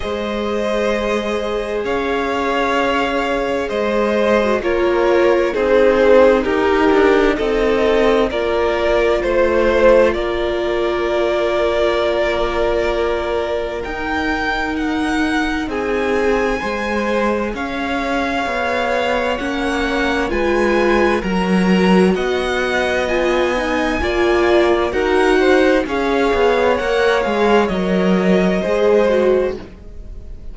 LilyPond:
<<
  \new Staff \with { instrumentName = "violin" } { \time 4/4 \tempo 4 = 65 dis''2 f''2 | dis''4 cis''4 c''4 ais'4 | dis''4 d''4 c''4 d''4~ | d''2. g''4 |
fis''4 gis''2 f''4~ | f''4 fis''4 gis''4 ais''4 | fis''4 gis''2 fis''4 | f''4 fis''8 f''8 dis''2 | }
  \new Staff \with { instrumentName = "violin" } { \time 4/4 c''2 cis''2 | c''4 ais'4 gis'4 g'4 | a'4 ais'4 c''4 ais'4~ | ais'1~ |
ais'4 gis'4 c''4 cis''4~ | cis''2 b'4 ais'4 | dis''2 d''4 ais'8 c''8 | cis''2. c''4 | }
  \new Staff \with { instrumentName = "viola" } { \time 4/4 gis'1~ | gis'8. fis'16 f'4 dis'2~ | dis'4 f'2.~ | f'2. dis'4~ |
dis'2 gis'2~ | gis'4 cis'4 f'4 fis'4~ | fis'4 f'8 dis'8 f'4 fis'4 | gis'4 ais'8 gis'8 ais'4 gis'8 fis'8 | }
  \new Staff \with { instrumentName = "cello" } { \time 4/4 gis2 cis'2 | gis4 ais4 c'4 dis'8 d'8 | c'4 ais4 a4 ais4~ | ais2. dis'4~ |
dis'4 c'4 gis4 cis'4 | b4 ais4 gis4 fis4 | b2 ais4 dis'4 | cis'8 b8 ais8 gis8 fis4 gis4 | }
>>